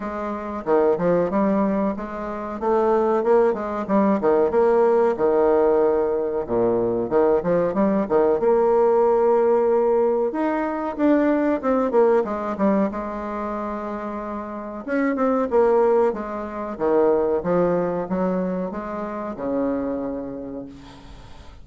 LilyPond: \new Staff \with { instrumentName = "bassoon" } { \time 4/4 \tempo 4 = 93 gis4 dis8 f8 g4 gis4 | a4 ais8 gis8 g8 dis8 ais4 | dis2 ais,4 dis8 f8 | g8 dis8 ais2. |
dis'4 d'4 c'8 ais8 gis8 g8 | gis2. cis'8 c'8 | ais4 gis4 dis4 f4 | fis4 gis4 cis2 | }